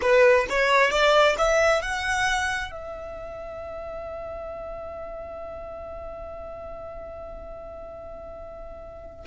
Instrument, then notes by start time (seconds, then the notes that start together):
violin
0.01 B4
0.49 C#5
0.90 D5
1.38 E5
1.81 F#5
2.71 E5